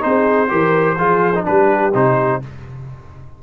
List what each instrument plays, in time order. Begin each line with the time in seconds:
0.00 tuba C4, trombone D#4, horn G#4, trumpet C5
0.49 tuba E3, trombone G4, horn A#4
0.97 tuba F3, trombone F4, horn G#4
1.35 trombone D#4
1.44 tuba G3, trombone D4, horn G4, trumpet B4
1.94 tuba C3, trombone D#4, trumpet C5